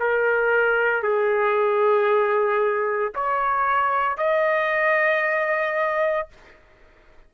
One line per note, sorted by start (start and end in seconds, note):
0.00 1.03 A#4
1.03 3.13 G#4
3.15 4.18 C#5
4.18 6.28 D#5